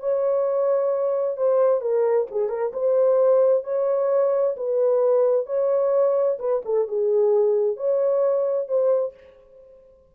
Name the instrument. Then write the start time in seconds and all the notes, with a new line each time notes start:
horn
0.00 C#5
1.37 C5
1.81 A#4
2.31 G#4
2.49 A#4
2.73 C5
3.64 C#5
4.57 B4
5.46 C#5
6.39 B4
6.65 A4
6.88 G#4
7.77 C#5
8.68 C5